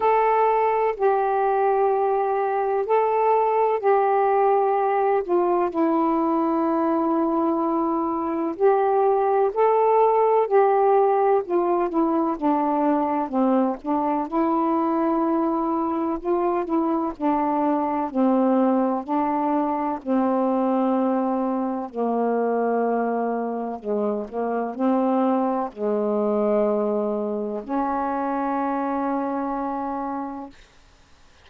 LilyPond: \new Staff \with { instrumentName = "saxophone" } { \time 4/4 \tempo 4 = 63 a'4 g'2 a'4 | g'4. f'8 e'2~ | e'4 g'4 a'4 g'4 | f'8 e'8 d'4 c'8 d'8 e'4~ |
e'4 f'8 e'8 d'4 c'4 | d'4 c'2 ais4~ | ais4 gis8 ais8 c'4 gis4~ | gis4 cis'2. | }